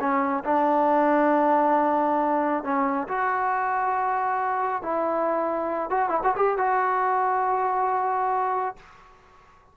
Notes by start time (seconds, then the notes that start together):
0.00 C#4
0.45 D4
2.64 C#4
3.08 F#4
4.82 E4
5.90 F#4
6.09 E4
6.24 F#4
6.36 G4
6.58 F#4